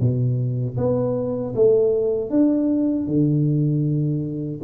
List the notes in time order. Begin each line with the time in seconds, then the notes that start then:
0.00 B2
0.77 B3
1.55 A3
2.30 D4
3.07 D3